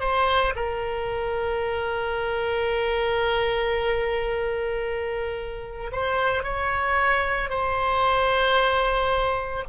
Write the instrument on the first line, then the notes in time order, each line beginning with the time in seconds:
oboe
0.00 C5
0.56 A#4
5.92 C5
6.43 C#5
7.50 C5